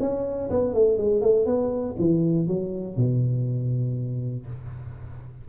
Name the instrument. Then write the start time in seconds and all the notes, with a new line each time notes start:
tuba
0.00 C#4
0.50 B3
0.74 A3
0.98 G#3
1.22 A3
1.46 B3
1.99 E3
2.48 F#3
2.97 B2